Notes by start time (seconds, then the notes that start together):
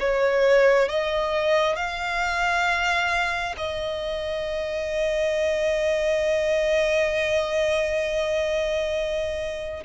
0.00 C#5
0.89 D#5
1.76 F5
3.58 D#5